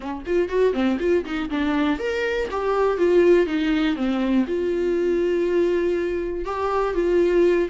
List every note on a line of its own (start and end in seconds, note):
0.00 0.23 C#4
0.26 0.48 F4
0.48 0.73 F#4
0.73 0.98 C4
0.99 1.24 F4
1.25 1.49 D#4
1.49 1.99 D4
1.99 2.48 A#4
2.50 2.97 G4
2.97 3.46 F4
3.46 3.96 D#4
3.96 4.45 C4
4.47 6.45 F4
6.45 6.94 G4
6.94 7.69 F4